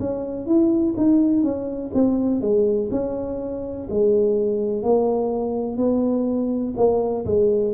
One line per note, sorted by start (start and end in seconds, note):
0.00 0.47 C#4
0.47 0.95 E4
0.98 1.43 D#4
1.43 1.92 C#4
1.94 2.42 C4
2.42 2.90 G#3
2.92 3.88 C#4
3.90 4.83 G#3
4.83 5.78 A#3
5.78 6.74 B3
6.77 7.26 A#3
7.26 7.74 G#3